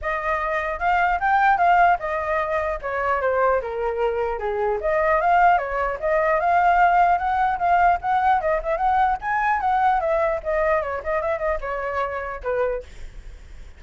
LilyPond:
\new Staff \with { instrumentName = "flute" } { \time 4/4 \tempo 4 = 150 dis''2 f''4 g''4 | f''4 dis''2 cis''4 | c''4 ais'2 gis'4 | dis''4 f''4 cis''4 dis''4 |
f''2 fis''4 f''4 | fis''4 dis''8 e''8 fis''4 gis''4 | fis''4 e''4 dis''4 cis''8 dis''8 | e''8 dis''8 cis''2 b'4 | }